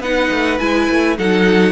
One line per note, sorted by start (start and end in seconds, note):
0.00 0.29 B3
0.00 0.60 D#4
0.00 1.17 B4
0.00 0.59 F#5
0.31 0.60 A3
0.59 0.89 G#3
0.59 1.17 E4
0.59 1.16 G#5
0.90 1.19 A3
1.18 1.72 F#3
1.18 1.72 D#4
1.18 1.72 A4
1.18 1.72 F#5